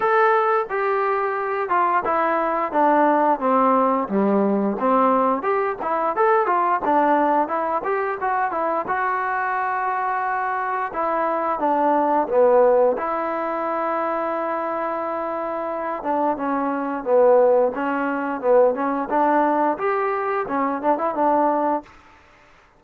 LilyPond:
\new Staff \with { instrumentName = "trombone" } { \time 4/4 \tempo 4 = 88 a'4 g'4. f'8 e'4 | d'4 c'4 g4 c'4 | g'8 e'8 a'8 f'8 d'4 e'8 g'8 | fis'8 e'8 fis'2. |
e'4 d'4 b4 e'4~ | e'2.~ e'8 d'8 | cis'4 b4 cis'4 b8 cis'8 | d'4 g'4 cis'8 d'16 e'16 d'4 | }